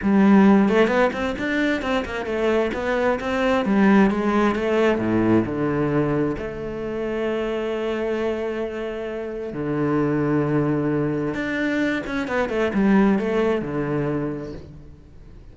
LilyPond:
\new Staff \with { instrumentName = "cello" } { \time 4/4 \tempo 4 = 132 g4. a8 b8 c'8 d'4 | c'8 ais8 a4 b4 c'4 | g4 gis4 a4 a,4 | d2 a2~ |
a1~ | a4 d2.~ | d4 d'4. cis'8 b8 a8 | g4 a4 d2 | }